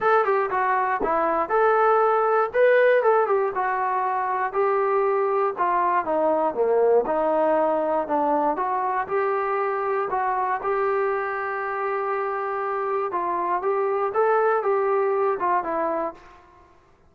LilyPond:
\new Staff \with { instrumentName = "trombone" } { \time 4/4 \tempo 4 = 119 a'8 g'8 fis'4 e'4 a'4~ | a'4 b'4 a'8 g'8 fis'4~ | fis'4 g'2 f'4 | dis'4 ais4 dis'2 |
d'4 fis'4 g'2 | fis'4 g'2.~ | g'2 f'4 g'4 | a'4 g'4. f'8 e'4 | }